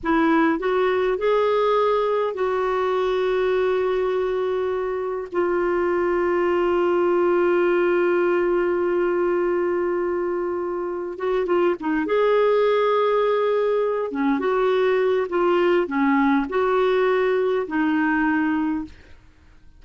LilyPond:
\new Staff \with { instrumentName = "clarinet" } { \time 4/4 \tempo 4 = 102 e'4 fis'4 gis'2 | fis'1~ | fis'4 f'2.~ | f'1~ |
f'2. fis'8 f'8 | dis'8 gis'2.~ gis'8 | cis'8 fis'4. f'4 cis'4 | fis'2 dis'2 | }